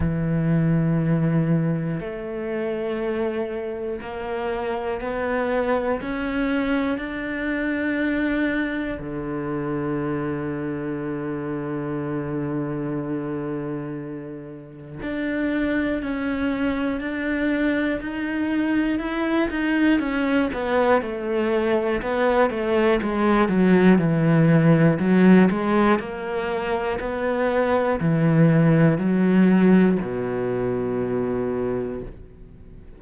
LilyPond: \new Staff \with { instrumentName = "cello" } { \time 4/4 \tempo 4 = 60 e2 a2 | ais4 b4 cis'4 d'4~ | d'4 d2.~ | d2. d'4 |
cis'4 d'4 dis'4 e'8 dis'8 | cis'8 b8 a4 b8 a8 gis8 fis8 | e4 fis8 gis8 ais4 b4 | e4 fis4 b,2 | }